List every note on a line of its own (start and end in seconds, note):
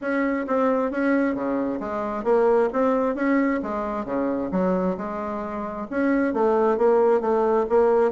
0.01 0.46 C#4
0.47 0.91 C4
0.91 1.34 C#4
1.34 1.79 C#3
1.80 2.24 G#3
2.24 2.69 A#3
2.72 3.15 C4
3.15 3.60 C#4
3.62 4.05 G#3
4.05 4.50 C#3
4.51 4.96 F#3
4.97 5.87 G#3
5.90 6.33 C#4
6.33 6.77 A3
6.77 7.20 A#3
7.20 7.65 A3
7.69 8.11 A#3